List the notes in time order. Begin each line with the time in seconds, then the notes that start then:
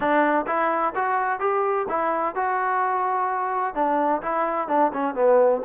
0.00 D4
0.46 E4
0.95 F#4
1.39 G4
1.88 E4
2.35 F#4
3.75 D4
4.22 E4
4.68 D4
4.93 C#4
5.14 B3